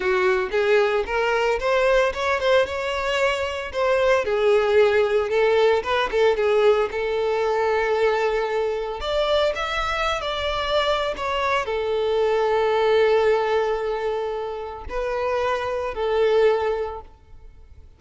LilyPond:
\new Staff \with { instrumentName = "violin" } { \time 4/4 \tempo 4 = 113 fis'4 gis'4 ais'4 c''4 | cis''8 c''8 cis''2 c''4 | gis'2 a'4 b'8 a'8 | gis'4 a'2.~ |
a'4 d''4 e''4~ e''16 d''8.~ | d''4 cis''4 a'2~ | a'1 | b'2 a'2 | }